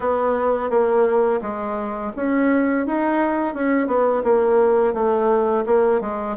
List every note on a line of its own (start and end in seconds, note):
0.00 0.69 B3
0.69 1.40 A#3
1.41 2.12 G#3
2.15 2.86 C#4
2.86 3.54 D#4
3.54 3.87 C#4
3.87 4.22 B3
4.23 4.93 A#3
4.93 5.64 A3
5.66 6.01 A#3
6.01 6.36 G#3